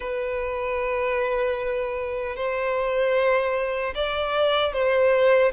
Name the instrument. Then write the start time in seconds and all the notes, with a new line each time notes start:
violin
0.00 B4
2.35 C5
3.94 D5
4.73 C5